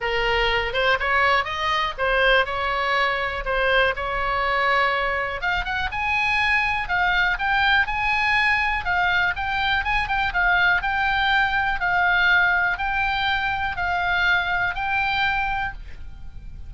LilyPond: \new Staff \with { instrumentName = "oboe" } { \time 4/4 \tempo 4 = 122 ais'4. c''8 cis''4 dis''4 | c''4 cis''2 c''4 | cis''2. f''8 fis''8 | gis''2 f''4 g''4 |
gis''2 f''4 g''4 | gis''8 g''8 f''4 g''2 | f''2 g''2 | f''2 g''2 | }